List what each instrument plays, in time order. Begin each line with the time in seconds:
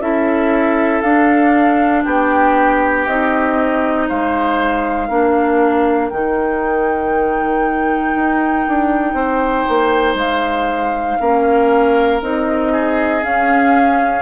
0.00 bassoon C#4, clarinet E4, oboe A4, flute E5
1.01 bassoon D4, clarinet D4, flute F5
2.04 bassoon B3, oboe G4, flute G5
3.07 bassoon C4, clarinet D#4, flute D#5
4.08 bassoon G#3, oboe C5, flute F5
5.08 bassoon A#3, clarinet D4, oboe A#4
6.09 bassoon D#3, clarinet D#4, flute G5
8.16 bassoon D#4
8.68 bassoon D4
9.14 bassoon C4, oboe C5
9.69 bassoon A#3
10.15 bassoon G#3, flute F5
11.21 bassoon A#3, clarinet C#4, oboe A#4
12.22 bassoon C4, clarinet D#4, flute D#5
12.72 oboe G#4
13.22 clarinet C#4, bassoon C#4, flute F5